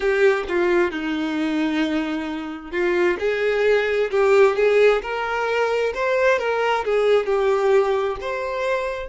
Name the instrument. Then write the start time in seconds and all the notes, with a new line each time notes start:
violin
0.00 G4
0.48 F4
0.91 D#4
2.71 F4
3.19 G#4
4.10 G4
4.56 G#4
5.02 A#4
5.94 C5
6.38 A#4
6.84 G#4
7.26 G4
8.20 C5